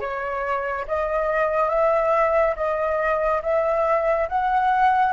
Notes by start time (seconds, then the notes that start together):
0.00 C#5
0.88 D#5
1.69 E5
2.56 D#5
3.43 E5
4.29 F#5